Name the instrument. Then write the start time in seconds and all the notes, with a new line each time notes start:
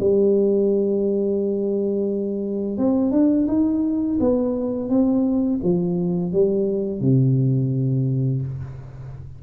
tuba
0.00 G3
2.78 C4
3.11 D4
3.48 D#4
4.20 B3
4.89 C4
5.63 F3
6.32 G3
7.00 C3